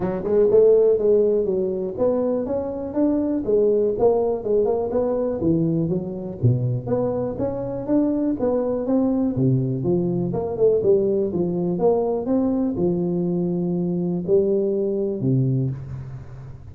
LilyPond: \new Staff \with { instrumentName = "tuba" } { \time 4/4 \tempo 4 = 122 fis8 gis8 a4 gis4 fis4 | b4 cis'4 d'4 gis4 | ais4 gis8 ais8 b4 e4 | fis4 b,4 b4 cis'4 |
d'4 b4 c'4 c4 | f4 ais8 a8 g4 f4 | ais4 c'4 f2~ | f4 g2 c4 | }